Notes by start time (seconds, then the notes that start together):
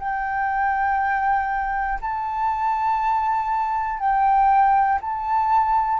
0.00 G5
2.02 A5
4.00 G5
5.02 A5